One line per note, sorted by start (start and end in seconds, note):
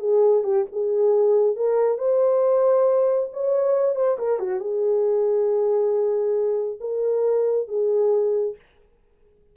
0.00 0.44 G#4
0.44 0.66 G4
0.72 1.56 G#4
1.56 1.98 A#4
1.98 3.30 C5
3.33 3.96 C#5
3.96 4.18 C5
4.19 4.40 A#4
4.40 4.60 F#4
4.60 6.79 G#4
6.81 7.68 A#4
7.68 8.56 G#4